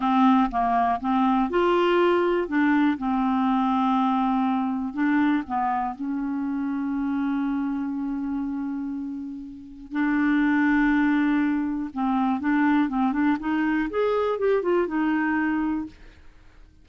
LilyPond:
\new Staff \with { instrumentName = "clarinet" } { \time 4/4 \tempo 4 = 121 c'4 ais4 c'4 f'4~ | f'4 d'4 c'2~ | c'2 d'4 b4 | cis'1~ |
cis'1 | d'1 | c'4 d'4 c'8 d'8 dis'4 | gis'4 g'8 f'8 dis'2 | }